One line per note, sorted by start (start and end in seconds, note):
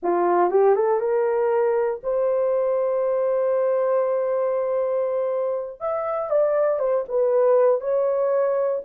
0.02 0.50 F4
0.50 0.75 G4
0.75 0.99 A4
0.99 2.00 A#4
2.03 5.80 C5
5.80 6.30 E5
6.30 6.79 D5
6.79 7.04 C5
7.08 7.80 B4
7.80 8.81 C#5